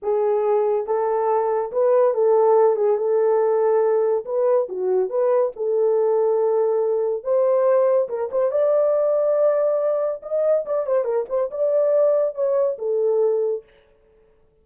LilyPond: \new Staff \with { instrumentName = "horn" } { \time 4/4 \tempo 4 = 141 gis'2 a'2 | b'4 a'4. gis'8 a'4~ | a'2 b'4 fis'4 | b'4 a'2.~ |
a'4 c''2 ais'8 c''8 | d''1 | dis''4 d''8 c''8 ais'8 c''8 d''4~ | d''4 cis''4 a'2 | }